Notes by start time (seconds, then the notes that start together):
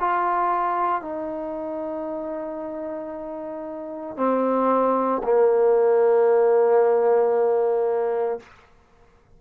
0.00 F4
1.01 D#4
4.17 C4
5.23 A#3